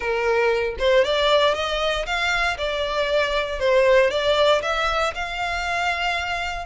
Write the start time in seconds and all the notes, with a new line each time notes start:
0.00 A#4
0.78 C5
1.04 D5
1.54 D#5
2.05 F5
2.57 D5
3.59 C5
4.10 D5
4.62 E5
5.14 F5